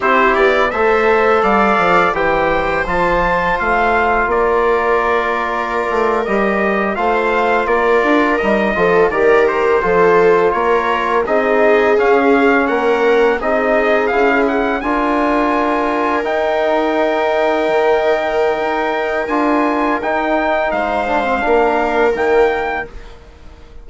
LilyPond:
<<
  \new Staff \with { instrumentName = "trumpet" } { \time 4/4 \tempo 4 = 84 c''8 d''8 e''4 f''4 g''4 | a''4 f''4 d''2~ | d''8. dis''4 f''4 d''4 dis''16~ | dis''8. d''8 c''4. cis''4 dis''16~ |
dis''8. f''4 fis''4 dis''4 f''16~ | f''16 fis''8 gis''2 g''4~ g''16~ | g''2. gis''4 | g''4 f''2 g''4 | }
  \new Staff \with { instrumentName = "viola" } { \time 4/4 g'4 c''4 d''4 c''4~ | c''2 ais'2~ | ais'4.~ ais'16 c''4 ais'4~ ais'16~ | ais'16 a'8 ais'4 a'4 ais'4 gis'16~ |
gis'4.~ gis'16 ais'4 gis'4~ gis'16~ | gis'8. ais'2.~ ais'16~ | ais'1~ | ais'4 c''4 ais'2 | }
  \new Staff \with { instrumentName = "trombone" } { \time 4/4 e'4 a'2 g'4 | f'1~ | f'8. g'4 f'2 dis'16~ | dis'16 f'8 g'4 f'2 dis'16~ |
dis'8. cis'2 dis'4 e'16~ | e'8. f'2 dis'4~ dis'16~ | dis'2. f'4 | dis'4. d'16 c'16 d'4 ais4 | }
  \new Staff \with { instrumentName = "bassoon" } { \time 4/4 c'8 b8 a4 g8 f8 e4 | f4 a4 ais2~ | ais16 a8 g4 a4 ais8 d'8 g16~ | g16 f8 dis4 f4 ais4 c'16~ |
c'8. cis'4 ais4 c'4 cis'16~ | cis'8. d'2 dis'4~ dis'16~ | dis'8. dis4~ dis16 dis'4 d'4 | dis'4 gis4 ais4 dis4 | }
>>